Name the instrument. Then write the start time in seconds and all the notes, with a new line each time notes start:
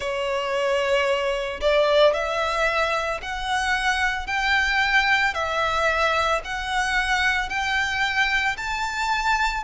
violin
0.00 C#5
1.61 D5
2.13 E5
3.21 F#5
4.27 G5
5.34 E5
6.44 F#5
7.49 G5
8.57 A5